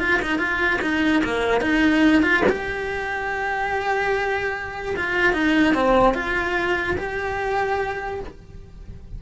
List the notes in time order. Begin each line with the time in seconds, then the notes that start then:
0.00 F4
0.22 D#4
0.39 F4
0.82 D#4
1.24 A#3
1.61 D#4
2.23 F4
2.49 G4
4.97 F4
5.34 D#4
5.75 C4
6.14 F4
6.97 G4